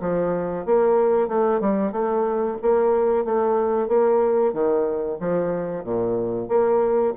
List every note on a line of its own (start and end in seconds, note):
0.00 0.65 F3
0.65 1.28 A#3
1.28 1.60 A3
1.60 1.92 G3
1.92 2.57 A3
2.62 3.24 A#3
3.24 3.87 A3
3.87 4.53 A#3
4.53 5.18 D#3
5.20 5.83 F3
5.83 6.48 A#2
6.48 7.13 A#3